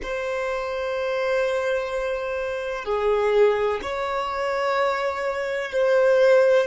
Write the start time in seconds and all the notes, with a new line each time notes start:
0.02 C5
2.84 G#4
3.81 C#5
5.71 C5